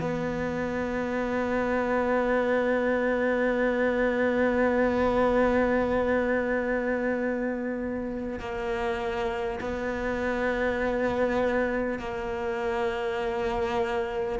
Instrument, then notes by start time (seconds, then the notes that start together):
cello
0.00 B3
8.39 A#3
9.61 B3
11.99 A#3